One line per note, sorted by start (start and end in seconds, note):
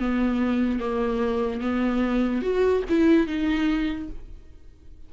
0.00 0.80 B3
0.80 1.61 A#3
1.61 2.42 B3
2.42 2.84 F#4
2.90 3.27 E4
3.27 4.09 D#4